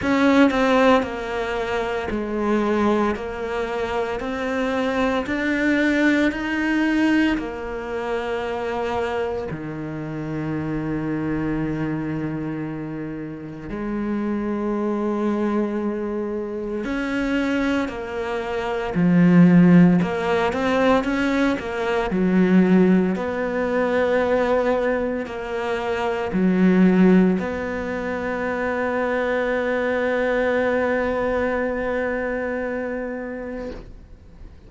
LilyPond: \new Staff \with { instrumentName = "cello" } { \time 4/4 \tempo 4 = 57 cis'8 c'8 ais4 gis4 ais4 | c'4 d'4 dis'4 ais4~ | ais4 dis2.~ | dis4 gis2. |
cis'4 ais4 f4 ais8 c'8 | cis'8 ais8 fis4 b2 | ais4 fis4 b2~ | b1 | }